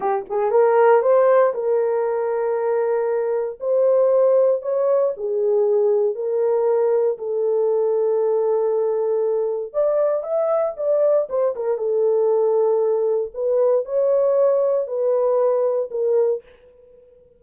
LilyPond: \new Staff \with { instrumentName = "horn" } { \time 4/4 \tempo 4 = 117 g'8 gis'8 ais'4 c''4 ais'4~ | ais'2. c''4~ | c''4 cis''4 gis'2 | ais'2 a'2~ |
a'2. d''4 | e''4 d''4 c''8 ais'8 a'4~ | a'2 b'4 cis''4~ | cis''4 b'2 ais'4 | }